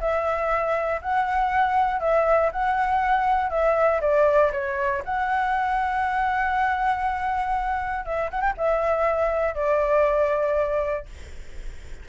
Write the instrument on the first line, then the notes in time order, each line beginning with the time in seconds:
flute
0.00 E5
1.02 F#5
2.00 E5
2.52 F#5
3.50 E5
4.01 D5
4.52 C#5
5.05 F#5
8.05 E5
8.31 F#5
8.41 G5
8.57 E5
9.55 D5